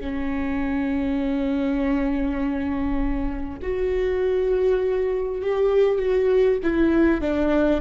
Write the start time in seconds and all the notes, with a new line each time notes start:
0.00 C#4
3.62 F#4
5.42 G4
5.99 F#4
6.63 E4
7.21 D4